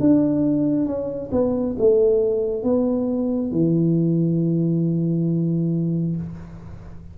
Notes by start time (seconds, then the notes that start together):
0.00 D4
0.86 C#4
1.32 B3
1.78 A3
2.63 B3
3.51 E3